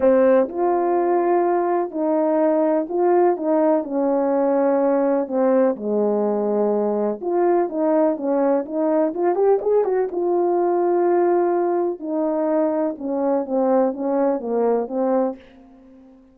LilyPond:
\new Staff \with { instrumentName = "horn" } { \time 4/4 \tempo 4 = 125 c'4 f'2. | dis'2 f'4 dis'4 | cis'2. c'4 | gis2. f'4 |
dis'4 cis'4 dis'4 f'8 g'8 | gis'8 fis'8 f'2.~ | f'4 dis'2 cis'4 | c'4 cis'4 ais4 c'4 | }